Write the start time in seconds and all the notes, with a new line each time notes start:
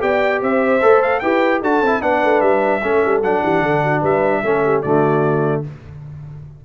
0.00 B3 G4 D5 G5
0.42 C4 C5 E5
0.82 A3 A4
1.02 F5
1.19 E4 G4 B4 G5
1.61 D4 F#4 A4 A5
1.81 C4 E4
2.01 B3 D4 B4 F#5
2.24 A3
2.41 G3 E5
2.83 A3 C#4 A4
3.05 G3
3.22 F#3 D4 F#5
3.43 E3 G4
3.61 D3 A4
3.83 F#4
4.00 G3 B4 E5
4.44 A3 C#4 A4
4.64 G4
4.82 D3 A3 F#4 D5